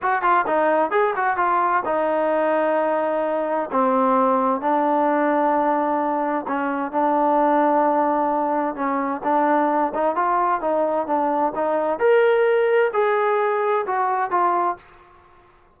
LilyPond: \new Staff \with { instrumentName = "trombone" } { \time 4/4 \tempo 4 = 130 fis'8 f'8 dis'4 gis'8 fis'8 f'4 | dis'1 | c'2 d'2~ | d'2 cis'4 d'4~ |
d'2. cis'4 | d'4. dis'8 f'4 dis'4 | d'4 dis'4 ais'2 | gis'2 fis'4 f'4 | }